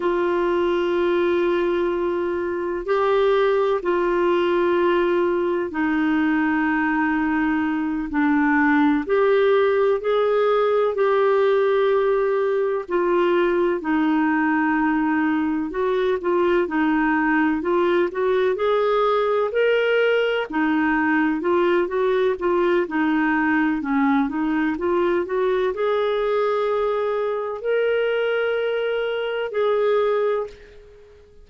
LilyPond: \new Staff \with { instrumentName = "clarinet" } { \time 4/4 \tempo 4 = 63 f'2. g'4 | f'2 dis'2~ | dis'8 d'4 g'4 gis'4 g'8~ | g'4. f'4 dis'4.~ |
dis'8 fis'8 f'8 dis'4 f'8 fis'8 gis'8~ | gis'8 ais'4 dis'4 f'8 fis'8 f'8 | dis'4 cis'8 dis'8 f'8 fis'8 gis'4~ | gis'4 ais'2 gis'4 | }